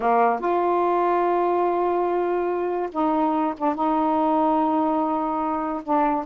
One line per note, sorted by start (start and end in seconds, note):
0.00 0.39 A#3
0.39 2.89 F4
2.92 3.54 D#4
3.57 3.74 D4
3.74 5.83 D#4
5.83 6.25 D4